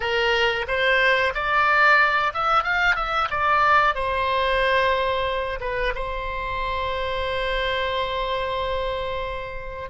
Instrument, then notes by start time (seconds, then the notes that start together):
oboe
0.00 A#4
0.67 C5
1.34 D5
2.33 E5
2.63 F5
2.95 E5
3.30 D5
3.94 C5
5.60 B4
5.94 C5